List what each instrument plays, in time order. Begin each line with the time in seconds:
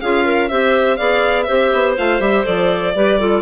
0.00 bassoon C#4, clarinet F4 G#4, violin F5
0.25 clarinet A#4
0.49 bassoon C4, clarinet G4 C5, violin E5
0.97 bassoon B3, clarinet G#4 D5, violin F5
1.43 clarinet G4 C5, violin E5
1.50 bassoon C4
1.73 bassoon B3
1.97 bassoon A3, clarinet F4, violin F5
2.19 bassoon G3, clarinet G4, violin E5
2.44 bassoon F3, clarinet A4, violin D5
2.95 bassoon G3, clarinet G4 B4
3.20 clarinet F4 A4